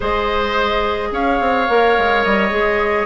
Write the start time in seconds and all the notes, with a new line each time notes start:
0.00 G#3 G#4 C5 D#5
1.11 C#4 C#5 F5
1.40 C4
1.68 A#3 A#4
1.98 G#3
2.23 G3 D#5
2.50 G#3 G#4